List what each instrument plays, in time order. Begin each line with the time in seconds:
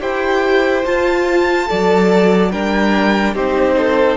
0.00 cello E4, viola G4, violin C5 G5
0.85 cello F4, viola F4, violin A5
1.67 cello F#3, viola A4, violin D5
2.52 cello G3, viola D4, violin A#4 G5
3.34 cello C4, viola D#4, violin G4 C5
3.77 violin A4